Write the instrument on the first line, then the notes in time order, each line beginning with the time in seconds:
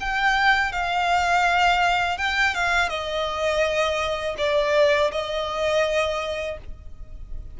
violin
0.00 G5
0.72 F5
2.18 G5
2.54 F5
2.89 D#5
4.37 D5
5.11 D#5